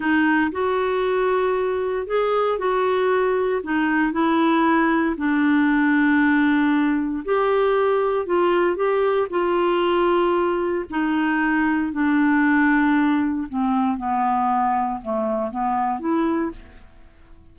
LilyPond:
\new Staff \with { instrumentName = "clarinet" } { \time 4/4 \tempo 4 = 116 dis'4 fis'2. | gis'4 fis'2 dis'4 | e'2 d'2~ | d'2 g'2 |
f'4 g'4 f'2~ | f'4 dis'2 d'4~ | d'2 c'4 b4~ | b4 a4 b4 e'4 | }